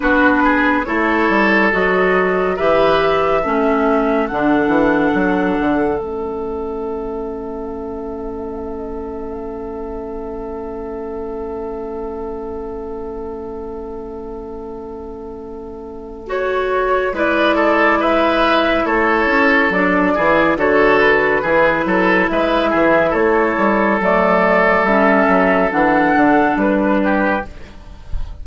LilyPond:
<<
  \new Staff \with { instrumentName = "flute" } { \time 4/4 \tempo 4 = 70 b'4 cis''4 dis''4 e''4~ | e''4 fis''2 e''4~ | e''1~ | e''1~ |
e''2. cis''4 | d''4 e''4 cis''4 d''4 | cis''8 b'4. e''4 cis''4 | d''4 e''4 fis''4 b'4 | }
  \new Staff \with { instrumentName = "oboe" } { \time 4/4 fis'8 gis'8 a'2 b'4 | a'1~ | a'1~ | a'1~ |
a'1 | b'8 a'8 b'4 a'4. gis'8 | a'4 gis'8 a'8 b'8 gis'8 a'4~ | a'2.~ a'8 g'8 | }
  \new Staff \with { instrumentName = "clarinet" } { \time 4/4 d'4 e'4 fis'4 g'4 | cis'4 d'2 cis'4~ | cis'1~ | cis'1~ |
cis'2. fis'4 | e'2. d'8 e'8 | fis'4 e'2. | a4 cis'4 d'2 | }
  \new Staff \with { instrumentName = "bassoon" } { \time 4/4 b4 a8 g8 fis4 e4 | a4 d8 e8 fis8 d8 a4~ | a1~ | a1~ |
a1 | gis2 a8 cis'8 fis8 e8 | d4 e8 fis8 gis8 e8 a8 g8 | fis4 g8 fis8 e8 d8 g4 | }
>>